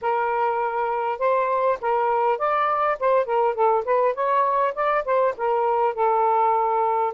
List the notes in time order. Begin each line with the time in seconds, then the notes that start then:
0.01 A#4
1.19 C5
1.81 A#4
2.38 D5
2.99 C5
3.25 A#4
3.54 A4
3.84 B4
4.14 C#5
4.74 D5
5.04 C5
5.37 A#4
5.94 A4